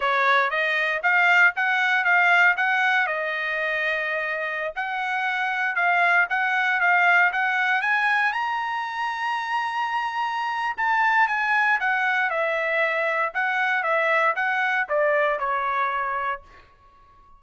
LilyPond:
\new Staff \with { instrumentName = "trumpet" } { \time 4/4 \tempo 4 = 117 cis''4 dis''4 f''4 fis''4 | f''4 fis''4 dis''2~ | dis''4~ dis''16 fis''2 f''8.~ | f''16 fis''4 f''4 fis''4 gis''8.~ |
gis''16 ais''2.~ ais''8.~ | ais''4 a''4 gis''4 fis''4 | e''2 fis''4 e''4 | fis''4 d''4 cis''2 | }